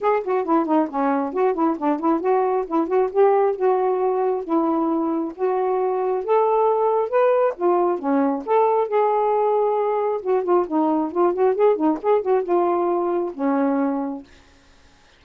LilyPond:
\new Staff \with { instrumentName = "saxophone" } { \time 4/4 \tempo 4 = 135 gis'8 fis'8 e'8 dis'8 cis'4 fis'8 e'8 | d'8 e'8 fis'4 e'8 fis'8 g'4 | fis'2 e'2 | fis'2 a'2 |
b'4 f'4 cis'4 a'4 | gis'2. fis'8 f'8 | dis'4 f'8 fis'8 gis'8 dis'8 gis'8 fis'8 | f'2 cis'2 | }